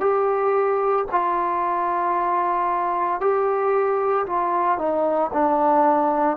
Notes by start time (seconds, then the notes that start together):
0.00 G4
1.11 F4
3.21 G4
4.26 F4
4.78 D#4
5.33 D4